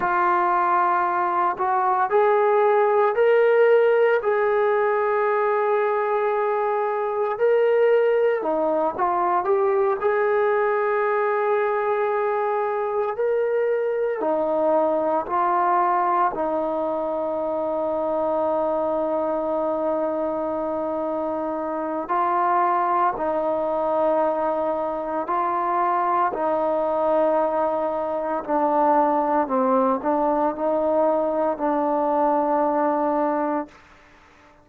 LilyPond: \new Staff \with { instrumentName = "trombone" } { \time 4/4 \tempo 4 = 57 f'4. fis'8 gis'4 ais'4 | gis'2. ais'4 | dis'8 f'8 g'8 gis'2~ gis'8~ | gis'8 ais'4 dis'4 f'4 dis'8~ |
dis'1~ | dis'4 f'4 dis'2 | f'4 dis'2 d'4 | c'8 d'8 dis'4 d'2 | }